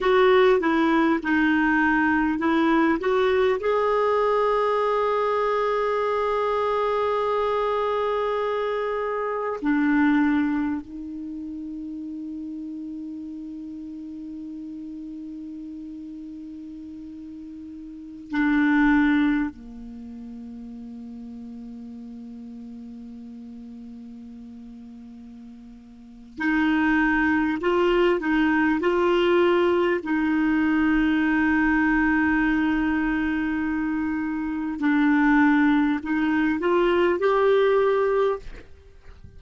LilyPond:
\new Staff \with { instrumentName = "clarinet" } { \time 4/4 \tempo 4 = 50 fis'8 e'8 dis'4 e'8 fis'8 gis'4~ | gis'1 | d'4 dis'2.~ | dis'2.~ dis'16 d'8.~ |
d'16 ais2.~ ais8.~ | ais2 dis'4 f'8 dis'8 | f'4 dis'2.~ | dis'4 d'4 dis'8 f'8 g'4 | }